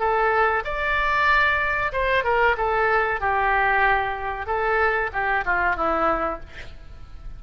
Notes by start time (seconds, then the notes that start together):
0.00 A4
0.65 D5
1.93 C5
2.25 A#4
2.58 A4
3.21 G4
4.47 A4
5.13 G4
5.45 F4
5.77 E4